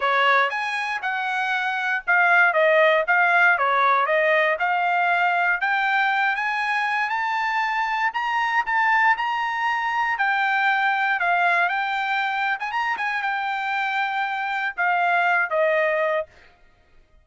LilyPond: \new Staff \with { instrumentName = "trumpet" } { \time 4/4 \tempo 4 = 118 cis''4 gis''4 fis''2 | f''4 dis''4 f''4 cis''4 | dis''4 f''2 g''4~ | g''8 gis''4. a''2 |
ais''4 a''4 ais''2 | g''2 f''4 g''4~ | g''8. gis''16 ais''8 gis''8 g''2~ | g''4 f''4. dis''4. | }